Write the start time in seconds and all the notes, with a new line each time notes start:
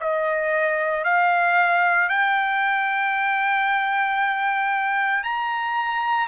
0.00 D#5
1.04 F5
2.09 G5
5.23 A#5